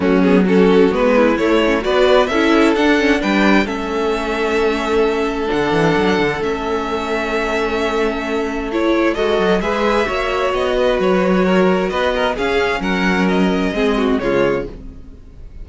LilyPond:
<<
  \new Staff \with { instrumentName = "violin" } { \time 4/4 \tempo 4 = 131 fis'8 gis'8 a'4 b'4 cis''4 | d''4 e''4 fis''4 g''4 | e''1 | fis''2 e''2~ |
e''2. cis''4 | dis''4 e''2 dis''4 | cis''2 dis''4 f''4 | fis''4 dis''2 cis''4 | }
  \new Staff \with { instrumentName = "violin" } { \time 4/4 cis'4 fis'4. e'4. | b'4 a'2 b'4 | a'1~ | a'1~ |
a'1 | fis'4 b'4 cis''4. b'8~ | b'4 ais'4 b'8 ais'8 gis'4 | ais'2 gis'8 fis'8 f'4 | }
  \new Staff \with { instrumentName = "viola" } { \time 4/4 a8 b8 cis'4 b4 a8 cis'8 | fis'4 e'4 d'8 cis'8 d'4 | cis'1 | d'2 cis'2~ |
cis'2. e'4 | a'4 gis'4 fis'2~ | fis'2. cis'4~ | cis'2 c'4 gis4 | }
  \new Staff \with { instrumentName = "cello" } { \time 4/4 fis2 gis4 a4 | b4 cis'4 d'4 g4 | a1 | d8 e8 fis8 d8 a2~ |
a1 | gis8 fis8 gis4 ais4 b4 | fis2 b4 cis'4 | fis2 gis4 cis4 | }
>>